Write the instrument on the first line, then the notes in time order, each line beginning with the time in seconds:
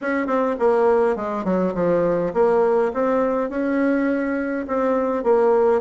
bassoon
0.01 C#4
0.26 C4
0.59 A#3
1.15 G#3
1.44 F#3
1.74 F3
2.33 A#3
2.93 C4
3.49 C#4
4.67 C4
5.23 A#3